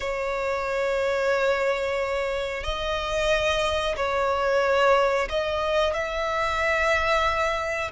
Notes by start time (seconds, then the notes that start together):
0.00 C#5
2.63 D#5
3.96 C#5
5.29 D#5
5.93 E5